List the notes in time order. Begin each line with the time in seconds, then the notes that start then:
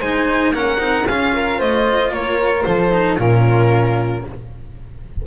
0.00 G#3 D#4 C5 G#5
0.50 A#3 C#4 A#4 F#5
0.78 C4 D#4
1.07 C#4 F4 G#4 F5
1.35 A#4
1.59 A3 C5 D#5
2.11 A#3 A#4 C#5
2.63 F3 A4 C5
2.92 D#4
3.18 A#2 C#4 F4 A#4